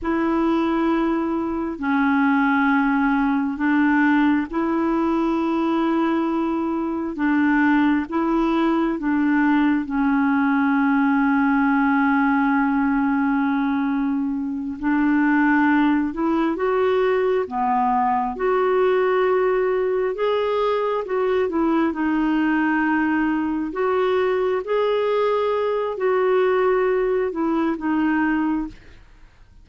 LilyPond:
\new Staff \with { instrumentName = "clarinet" } { \time 4/4 \tempo 4 = 67 e'2 cis'2 | d'4 e'2. | d'4 e'4 d'4 cis'4~ | cis'1~ |
cis'8 d'4. e'8 fis'4 b8~ | b8 fis'2 gis'4 fis'8 | e'8 dis'2 fis'4 gis'8~ | gis'4 fis'4. e'8 dis'4 | }